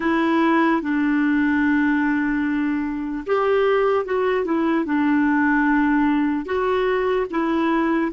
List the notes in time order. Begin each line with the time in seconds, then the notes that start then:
0.00 E4
0.81 D4
3.26 G4
4.05 F#4
4.44 E4
4.85 D4
6.45 F#4
7.30 E4